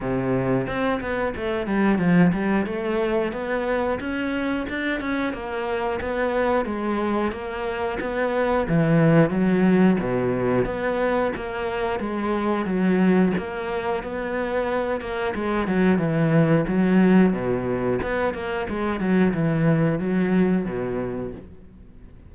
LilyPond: \new Staff \with { instrumentName = "cello" } { \time 4/4 \tempo 4 = 90 c4 c'8 b8 a8 g8 f8 g8 | a4 b4 cis'4 d'8 cis'8 | ais4 b4 gis4 ais4 | b4 e4 fis4 b,4 |
b4 ais4 gis4 fis4 | ais4 b4. ais8 gis8 fis8 | e4 fis4 b,4 b8 ais8 | gis8 fis8 e4 fis4 b,4 | }